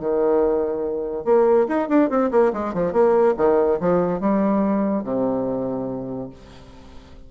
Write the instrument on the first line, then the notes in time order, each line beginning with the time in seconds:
bassoon
0.00 D#3
1.25 A#3
1.68 D#4
1.89 D4
2.10 C4
2.31 A#3
2.53 G#3
2.74 F3
2.93 A#3
3.37 D#3
3.80 F3
4.20 G3
5.04 C3